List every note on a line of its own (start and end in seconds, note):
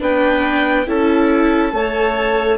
0.00 0.87 B3
0.00 0.86 D4
0.00 0.86 B4
0.00 0.89 G5
0.87 1.73 C#4
0.87 1.72 E4
0.87 1.74 A4
0.87 2.58 A5
1.73 2.58 A3
1.73 2.58 A4
1.73 2.58 C#5